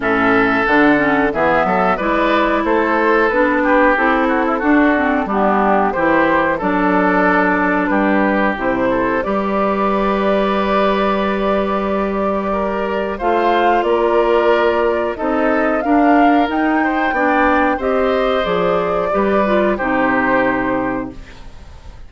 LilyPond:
<<
  \new Staff \with { instrumentName = "flute" } { \time 4/4 \tempo 4 = 91 e''4 fis''4 e''4 d''4 | c''4 b'4 a'2 | g'4 c''4 d''2 | b'4 c''4 d''2~ |
d''1 | f''4 d''2 dis''4 | f''4 g''2 dis''4 | d''2 c''2 | }
  \new Staff \with { instrumentName = "oboe" } { \time 4/4 a'2 gis'8 a'8 b'4 | a'4. g'4 fis'16 e'16 fis'4 | d'4 g'4 a'2 | g'4. a'8 b'2~ |
b'2. ais'4 | c''4 ais'2 a'4 | ais'4. c''8 d''4 c''4~ | c''4 b'4 g'2 | }
  \new Staff \with { instrumentName = "clarinet" } { \time 4/4 cis'4 d'8 cis'8 b4 e'4~ | e'4 d'4 e'4 d'8 c'8 | b4 e'4 d'2~ | d'4 e'4 g'2~ |
g'1 | f'2. dis'4 | d'4 dis'4 d'4 g'4 | gis'4 g'8 f'8 dis'2 | }
  \new Staff \with { instrumentName = "bassoon" } { \time 4/4 a,4 d4 e8 fis8 gis4 | a4 b4 c'4 d'4 | g4 e4 fis2 | g4 c4 g2~ |
g1 | a4 ais2 c'4 | d'4 dis'4 b4 c'4 | f4 g4 c2 | }
>>